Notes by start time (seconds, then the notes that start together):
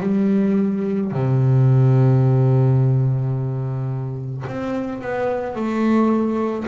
0.00 G3
1.11 C3
4.47 C4
5.01 B3
5.55 A3